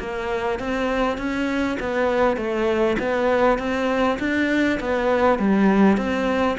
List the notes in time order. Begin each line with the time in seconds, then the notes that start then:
0.00 A#3
0.59 C4
1.18 C#4
1.80 B3
2.37 A3
2.99 B3
3.59 C4
4.20 D4
4.81 B3
5.39 G3
5.98 C4